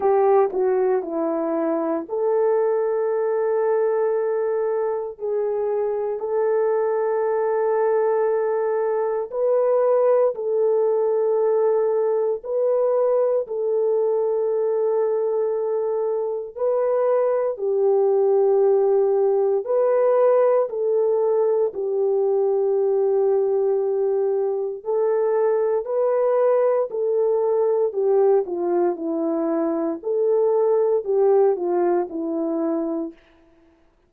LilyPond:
\new Staff \with { instrumentName = "horn" } { \time 4/4 \tempo 4 = 58 g'8 fis'8 e'4 a'2~ | a'4 gis'4 a'2~ | a'4 b'4 a'2 | b'4 a'2. |
b'4 g'2 b'4 | a'4 g'2. | a'4 b'4 a'4 g'8 f'8 | e'4 a'4 g'8 f'8 e'4 | }